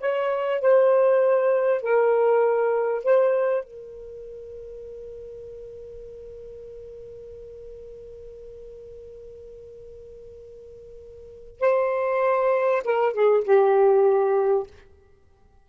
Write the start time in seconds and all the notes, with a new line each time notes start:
0.00 C#5
0.61 C5
1.82 A#4
3.03 C5
3.64 A#4
11.60 C5
12.84 A#4
13.13 G#4
13.44 G4